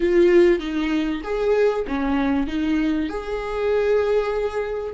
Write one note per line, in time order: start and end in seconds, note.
0.00 0.59 F4
0.59 1.21 D#4
1.23 1.85 G#4
1.87 2.47 C#4
2.47 3.09 D#4
3.09 4.94 G#4